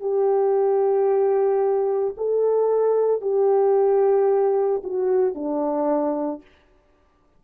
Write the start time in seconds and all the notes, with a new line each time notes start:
0.00 G4
2.17 A4
3.21 G4
4.83 F#4
5.34 D4